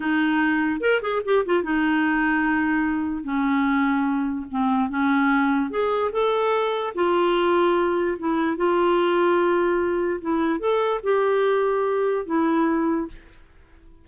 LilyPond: \new Staff \with { instrumentName = "clarinet" } { \time 4/4 \tempo 4 = 147 dis'2 ais'8 gis'8 g'8 f'8 | dis'1 | cis'2. c'4 | cis'2 gis'4 a'4~ |
a'4 f'2. | e'4 f'2.~ | f'4 e'4 a'4 g'4~ | g'2 e'2 | }